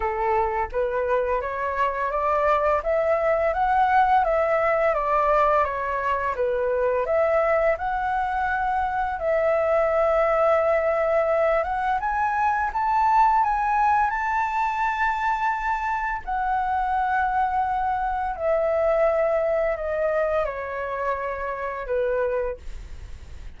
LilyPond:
\new Staff \with { instrumentName = "flute" } { \time 4/4 \tempo 4 = 85 a'4 b'4 cis''4 d''4 | e''4 fis''4 e''4 d''4 | cis''4 b'4 e''4 fis''4~ | fis''4 e''2.~ |
e''8 fis''8 gis''4 a''4 gis''4 | a''2. fis''4~ | fis''2 e''2 | dis''4 cis''2 b'4 | }